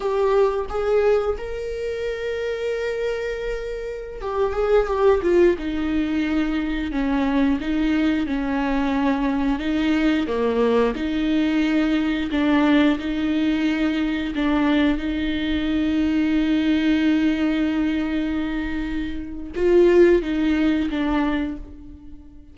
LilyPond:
\new Staff \with { instrumentName = "viola" } { \time 4/4 \tempo 4 = 89 g'4 gis'4 ais'2~ | ais'2~ ais'16 g'8 gis'8 g'8 f'16~ | f'16 dis'2 cis'4 dis'8.~ | dis'16 cis'2 dis'4 ais8.~ |
ais16 dis'2 d'4 dis'8.~ | dis'4~ dis'16 d'4 dis'4.~ dis'16~ | dis'1~ | dis'4 f'4 dis'4 d'4 | }